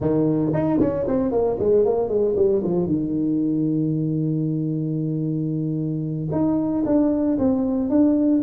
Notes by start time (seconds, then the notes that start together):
0.00 D#3
0.53 D#4
0.80 C#4
1.07 C4
1.31 A#3
1.59 G#3
1.85 A#3
2.08 G#3
2.36 G3
2.63 F3
2.86 D#3
6.31 D#4
6.85 D4
7.38 C4
7.89 D4